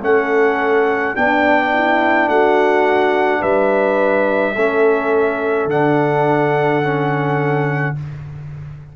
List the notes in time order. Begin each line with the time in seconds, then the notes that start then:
0.00 A3 C#4 A4 F#5
1.15 B3 D4 G5
1.73 E4
2.27 A3 F#4 F#5
3.40 G3 B4 E5
4.55 A3 C#4 A4
5.65 D3 D4 F#5
6.82 C#4